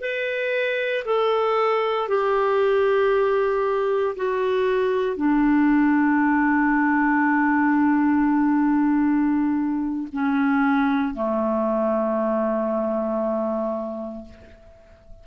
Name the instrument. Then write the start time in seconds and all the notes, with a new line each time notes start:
clarinet
0.00 B4
1.05 A4
2.08 G4
4.16 F#4
5.16 D4
10.12 C#4
11.14 A3